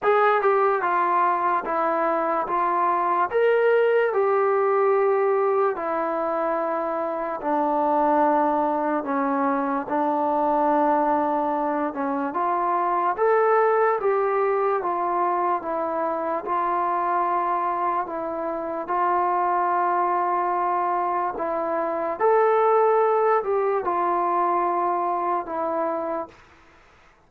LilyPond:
\new Staff \with { instrumentName = "trombone" } { \time 4/4 \tempo 4 = 73 gis'8 g'8 f'4 e'4 f'4 | ais'4 g'2 e'4~ | e'4 d'2 cis'4 | d'2~ d'8 cis'8 f'4 |
a'4 g'4 f'4 e'4 | f'2 e'4 f'4~ | f'2 e'4 a'4~ | a'8 g'8 f'2 e'4 | }